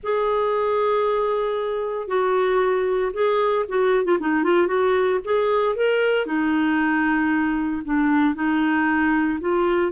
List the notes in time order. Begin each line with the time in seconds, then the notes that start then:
0.03 G#4
2.07 F#4
3.13 G#4
3.68 F#4
4.05 F4
4.20 D#4
4.43 F4
4.67 F#4
5.24 G#4
5.75 A#4
6.26 D#4
7.85 D4
8.34 D#4
9.40 F4